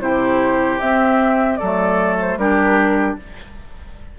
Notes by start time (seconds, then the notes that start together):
0.00 C3 E4 G4 C5
0.79 C4 E5
1.56 F#3 A4 D5
1.63 A3
2.21 C5
2.36 G3 D4 G4 A#4